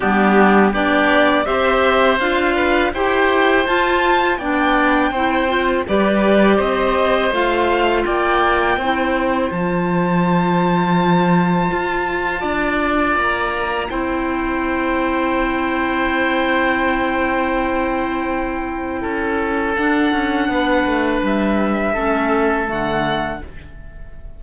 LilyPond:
<<
  \new Staff \with { instrumentName = "violin" } { \time 4/4 \tempo 4 = 82 g'4 d''4 e''4 f''4 | g''4 a''4 g''2 | d''4 dis''4 f''4 g''4~ | g''4 a''2.~ |
a''2 ais''4 g''4~ | g''1~ | g''2. fis''4~ | fis''4 e''2 fis''4 | }
  \new Staff \with { instrumentName = "oboe" } { \time 4/4 d'4 g'4 c''4. b'8 | c''2 d''4 c''4 | b'4 c''2 d''4 | c''1~ |
c''4 d''2 c''4~ | c''1~ | c''2 a'2 | b'2 a'2 | }
  \new Staff \with { instrumentName = "clarinet" } { \time 4/4 b4 d'4 g'4 f'4 | g'4 f'4 d'4 e'8 f'8 | g'2 f'2 | e'4 f'2.~ |
f'2. e'4~ | e'1~ | e'2. d'4~ | d'2 cis'4 a4 | }
  \new Staff \with { instrumentName = "cello" } { \time 4/4 g4 b4 c'4 d'4 | e'4 f'4 b4 c'4 | g4 c'4 a4 ais4 | c'4 f2. |
f'4 d'4 ais4 c'4~ | c'1~ | c'2 cis'4 d'8 cis'8 | b8 a8 g4 a4 d4 | }
>>